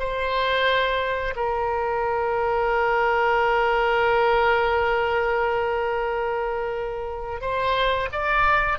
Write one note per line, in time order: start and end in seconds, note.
0.00 1.35 C5
1.36 7.42 A#4
7.42 8.09 C5
8.13 8.79 D5